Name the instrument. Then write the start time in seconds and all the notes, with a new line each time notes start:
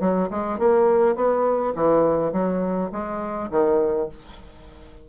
bassoon
0.00 F#3
0.30 G#3
0.59 A#3
1.15 B3
1.75 E3
2.32 F#3
2.92 G#3
3.51 D#3